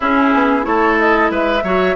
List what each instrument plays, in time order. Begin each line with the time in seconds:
0.00 bassoon C#4, clarinet C#4, oboe E4, flute G#4
0.33 bassoon B3
0.62 bassoon A3, clarinet E4, oboe A4, flute C#5
0.99 flute D#5
1.30 bassoon G#3, oboe B4, flute E5
1.63 bassoon F#3, clarinet F#4, oboe C#5